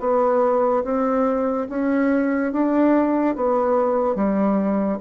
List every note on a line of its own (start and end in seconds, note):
0.00 0.83 B3
0.84 1.67 C4
1.69 2.52 C#4
2.52 3.36 D4
3.36 4.15 B3
4.15 4.98 G3